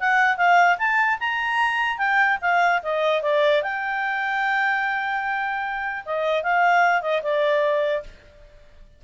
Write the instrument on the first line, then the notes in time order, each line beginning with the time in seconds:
clarinet
0.00 F#5
0.37 F5
0.78 A5
1.20 A#5
1.98 G5
2.42 F5
2.83 D#5
3.23 D5
3.63 G5
6.05 D#5
6.43 F5
7.02 D#5
7.23 D5